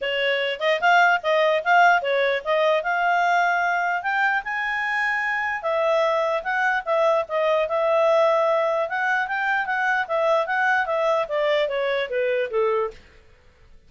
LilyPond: \new Staff \with { instrumentName = "clarinet" } { \time 4/4 \tempo 4 = 149 cis''4. dis''8 f''4 dis''4 | f''4 cis''4 dis''4 f''4~ | f''2 g''4 gis''4~ | gis''2 e''2 |
fis''4 e''4 dis''4 e''4~ | e''2 fis''4 g''4 | fis''4 e''4 fis''4 e''4 | d''4 cis''4 b'4 a'4 | }